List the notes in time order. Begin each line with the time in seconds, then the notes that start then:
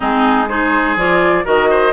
0.00 G#3 C4 D#4 G#4
0.48 D#4 G#4 C5
0.95 F3 F4 D5
1.44 D#3 F#4 A#4 D#5
1.70 C5